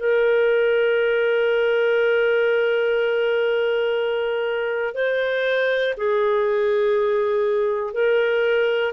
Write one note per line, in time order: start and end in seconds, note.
0.00 4.95 A#4
4.95 5.95 C5
5.97 7.94 G#4
7.94 8.93 A#4